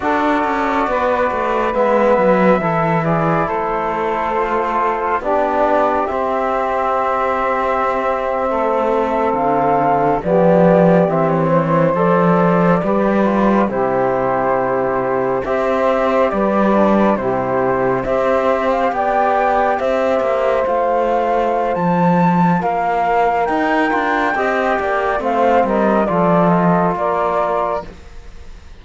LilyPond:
<<
  \new Staff \with { instrumentName = "flute" } { \time 4/4 \tempo 4 = 69 d''2 e''4. d''8 | c''2 d''4 e''4~ | e''2~ e''8. f''4 d''16~ | d''8. e''16 cis''8. d''2 c''16~ |
c''4.~ c''16 e''4 d''4 c''16~ | c''8. e''8. f''16 g''4 e''4 f''16~ | f''4 a''4 f''4 g''4~ | g''4 f''8 dis''8 d''8 dis''8 d''4 | }
  \new Staff \with { instrumentName = "saxophone" } { \time 4/4 a'4 b'2 a'8 gis'8 | a'2 g'2~ | g'4.~ g'16 a'2 g'16~ | g'4~ g'16 c''4. b'4 g'16~ |
g'4.~ g'16 c''4 b'4 g'16~ | g'8. c''4 d''4 c''4~ c''16~ | c''2 ais'2 | dis''8 d''8 c''8 ais'8 a'4 ais'4 | }
  \new Staff \with { instrumentName = "trombone" } { \time 4/4 fis'2 b4 e'4~ | e'4 f'4 d'4 c'4~ | c'2.~ c'8. b16~ | b8. c'4 a'4 g'8 f'8 e'16~ |
e'4.~ e'16 g'4. d'8 e'16~ | e'8. g'2. f'16~ | f'2. dis'8 f'8 | g'4 c'4 f'2 | }
  \new Staff \with { instrumentName = "cello" } { \time 4/4 d'8 cis'8 b8 a8 gis8 fis8 e4 | a2 b4 c'4~ | c'4.~ c'16 a4 d4 f16~ | f8. e4 f4 g4 c16~ |
c4.~ c16 c'4 g4 c16~ | c8. c'4 b4 c'8 ais8 a16~ | a4 f4 ais4 dis'8 d'8 | c'8 ais8 a8 g8 f4 ais4 | }
>>